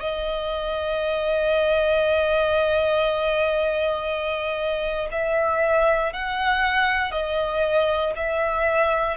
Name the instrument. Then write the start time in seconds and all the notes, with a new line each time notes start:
violin
0.00 D#5
5.11 E5
6.13 F#5
7.11 D#5
8.16 E5